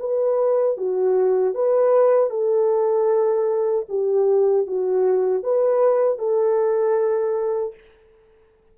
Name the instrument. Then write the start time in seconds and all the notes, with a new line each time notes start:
horn
0.00 B4
0.78 F#4
1.55 B4
2.31 A4
3.89 G4
4.67 F#4
5.44 B4
6.19 A4